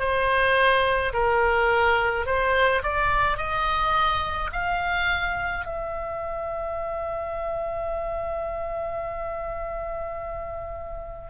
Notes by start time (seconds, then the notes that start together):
0.00 C5
1.14 A#4
2.26 C5
2.84 D5
3.38 D#5
4.53 F5
5.66 E5